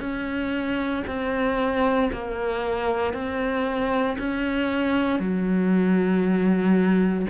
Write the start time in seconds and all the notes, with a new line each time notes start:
0.00 C#4
1.07 C4
2.12 A#3
3.13 C4
4.18 C#4
5.19 F#3